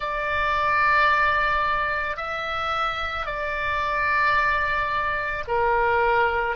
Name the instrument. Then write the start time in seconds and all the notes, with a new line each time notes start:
oboe
0.00 D5
2.16 E5
3.25 D5
5.47 A#4